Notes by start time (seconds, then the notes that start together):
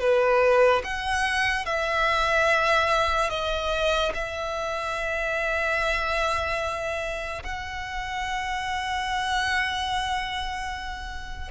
0.00 B4
0.84 F#5
1.66 E5
3.30 D#5
4.14 E5
7.43 F#5